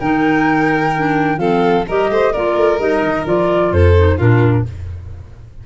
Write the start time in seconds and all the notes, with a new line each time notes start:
0.00 D#3 D#4 A#4 G5
0.97 D4
1.37 F3 C4 A4 F5
1.88 G3 G4 A#4 D#5
2.10 A3 C5
2.33 A#3 F4 A#4 D5
2.57 A3
2.79 G3 D#4 D#5
3.03 D#3
3.25 F3 F4 D5
3.72 F2 A4 C5
3.96 D#4
4.18 A#2 D4 F4 A#4